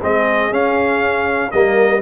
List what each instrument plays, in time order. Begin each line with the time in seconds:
0.00 tuba G#3, trombone C4, horn G#4, trumpet D#5
0.52 trombone C#4, tuba C#4, trumpet F5
1.51 tuba G3, trombone A#3, horn A#4, trumpet D#5